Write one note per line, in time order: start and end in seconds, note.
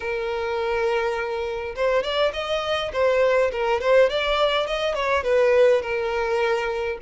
0.00 1.75 A#4
1.75 2.03 C5
2.03 2.32 D5
2.33 2.91 D#5
2.92 3.51 C5
3.52 3.80 A#4
3.80 4.09 C5
4.09 4.66 D5
4.66 4.95 D#5
4.95 5.23 C#5
5.23 5.81 B4
5.82 6.98 A#4